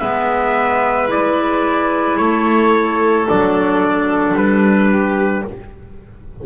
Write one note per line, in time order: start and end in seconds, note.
0.00 2.19 G#3
0.00 1.08 B3
0.00 2.18 B4
0.00 1.09 E5
1.08 3.26 E4
1.08 2.17 D5
2.17 3.28 A3
2.17 4.91 A4
2.17 3.26 C#5
3.26 4.34 F#3
3.26 5.45 D4
3.26 4.37 D5
4.34 5.43 G3
4.34 5.46 B4
4.91 5.45 G4